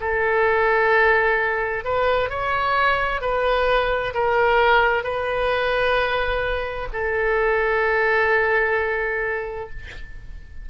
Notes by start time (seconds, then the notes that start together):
0.00 A4
1.84 B4
2.30 C#5
3.21 B4
4.14 A#4
5.03 B4
6.92 A4